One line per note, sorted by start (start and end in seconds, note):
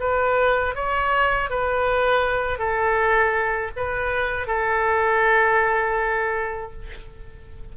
0.00 0.75 B4
0.75 1.50 C#5
1.50 2.58 B4
2.58 3.71 A4
3.76 4.47 B4
4.47 6.72 A4